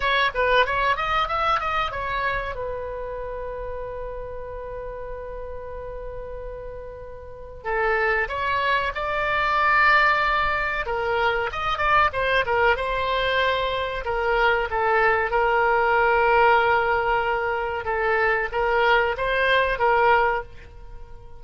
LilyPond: \new Staff \with { instrumentName = "oboe" } { \time 4/4 \tempo 4 = 94 cis''8 b'8 cis''8 dis''8 e''8 dis''8 cis''4 | b'1~ | b'1 | a'4 cis''4 d''2~ |
d''4 ais'4 dis''8 d''8 c''8 ais'8 | c''2 ais'4 a'4 | ais'1 | a'4 ais'4 c''4 ais'4 | }